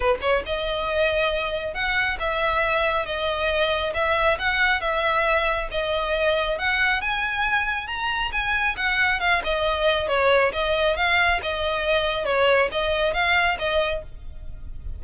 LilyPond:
\new Staff \with { instrumentName = "violin" } { \time 4/4 \tempo 4 = 137 b'8 cis''8 dis''2. | fis''4 e''2 dis''4~ | dis''4 e''4 fis''4 e''4~ | e''4 dis''2 fis''4 |
gis''2 ais''4 gis''4 | fis''4 f''8 dis''4. cis''4 | dis''4 f''4 dis''2 | cis''4 dis''4 f''4 dis''4 | }